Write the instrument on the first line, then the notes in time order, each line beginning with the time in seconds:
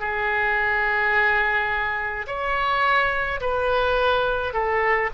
oboe
0.00 G#4
2.27 C#5
3.41 B4
4.53 A4